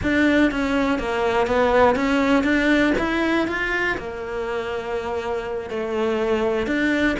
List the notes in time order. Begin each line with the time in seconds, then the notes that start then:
0.02 D4
0.51 C#4
0.98 A#3
1.47 B3
1.95 C#4
2.43 D4
2.98 E4
3.47 F4
3.97 A#3
5.70 A3
6.66 D4